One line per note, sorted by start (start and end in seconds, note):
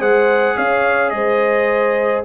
0.00 0.56 G#3
0.00 2.25 G#4
0.00 0.56 C5
0.00 0.58 F#5
0.57 1.12 C#4
0.57 1.13 C#5
0.57 1.10 F5
1.10 2.24 G#3
1.10 2.25 C5
1.10 2.22 D#5